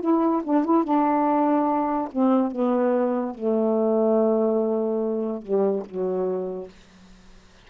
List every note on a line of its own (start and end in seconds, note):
0.00 0.42 E4
0.43 0.64 D4
0.64 0.83 E4
0.83 2.08 D4
2.11 2.51 C4
2.51 3.34 B3
3.34 5.42 A3
5.42 5.83 G3
5.85 6.68 F#3